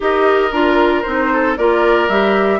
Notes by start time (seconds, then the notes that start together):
0.00 D#4 G4 A#4 D#5
0.52 D4 F4 A#4
1.02 C4 D#4 C5
1.32 A4
1.57 A#3 F4 A#4 D5
2.08 G3 G4 E5